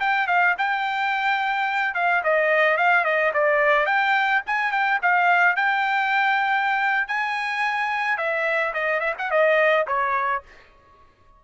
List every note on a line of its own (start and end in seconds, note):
0.00 0.27 G5
0.27 0.55 F5
0.58 1.94 G5
1.94 2.22 F5
2.23 2.77 D#5
2.77 3.04 F5
3.04 3.32 D#5
3.33 3.86 D5
3.86 4.41 G5
4.46 4.71 G#5
4.71 4.99 G5
5.02 5.56 F5
5.56 7.07 G5
7.07 8.17 G#5
8.17 8.73 E5
8.73 9.00 D#5
9.00 9.14 E5
9.18 9.30 F#5
9.30 9.86 D#5
9.87 10.42 C#5